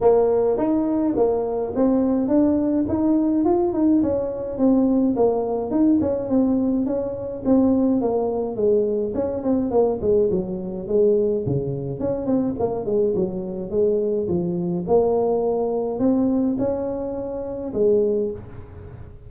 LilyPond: \new Staff \with { instrumentName = "tuba" } { \time 4/4 \tempo 4 = 105 ais4 dis'4 ais4 c'4 | d'4 dis'4 f'8 dis'8 cis'4 | c'4 ais4 dis'8 cis'8 c'4 | cis'4 c'4 ais4 gis4 |
cis'8 c'8 ais8 gis8 fis4 gis4 | cis4 cis'8 c'8 ais8 gis8 fis4 | gis4 f4 ais2 | c'4 cis'2 gis4 | }